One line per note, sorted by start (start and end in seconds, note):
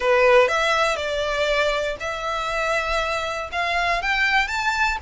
0.00 0.48 B4
0.48 0.96 E5
0.96 1.96 D5
2.00 3.50 E5
3.52 4.02 F5
4.02 4.47 G5
4.47 4.97 A5